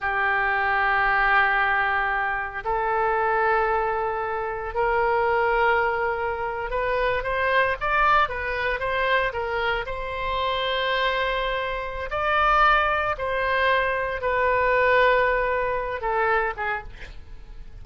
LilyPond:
\new Staff \with { instrumentName = "oboe" } { \time 4/4 \tempo 4 = 114 g'1~ | g'4 a'2.~ | a'4 ais'2.~ | ais'8. b'4 c''4 d''4 b'16~ |
b'8. c''4 ais'4 c''4~ c''16~ | c''2. d''4~ | d''4 c''2 b'4~ | b'2~ b'8 a'4 gis'8 | }